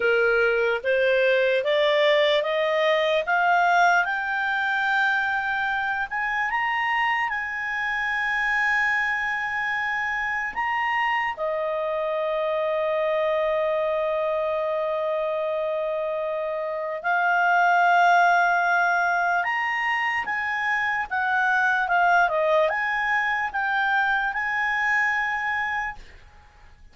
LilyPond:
\new Staff \with { instrumentName = "clarinet" } { \time 4/4 \tempo 4 = 74 ais'4 c''4 d''4 dis''4 | f''4 g''2~ g''8 gis''8 | ais''4 gis''2.~ | gis''4 ais''4 dis''2~ |
dis''1~ | dis''4 f''2. | ais''4 gis''4 fis''4 f''8 dis''8 | gis''4 g''4 gis''2 | }